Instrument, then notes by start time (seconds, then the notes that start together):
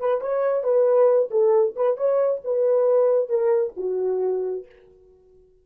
horn
0.00 B4
0.21 C#5
0.63 B4
1.31 A4
1.76 B4
1.97 C#5
2.44 B4
3.29 A#4
3.77 F#4